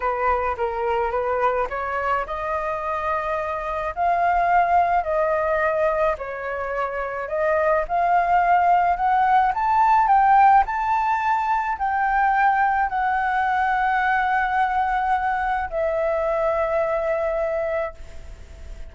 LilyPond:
\new Staff \with { instrumentName = "flute" } { \time 4/4 \tempo 4 = 107 b'4 ais'4 b'4 cis''4 | dis''2. f''4~ | f''4 dis''2 cis''4~ | cis''4 dis''4 f''2 |
fis''4 a''4 g''4 a''4~ | a''4 g''2 fis''4~ | fis''1 | e''1 | }